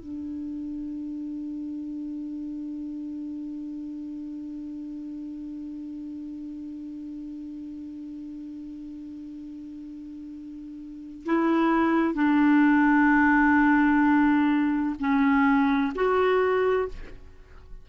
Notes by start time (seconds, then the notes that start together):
0.00 D4
11.26 E4
12.15 D4
15.00 C#4
15.95 F#4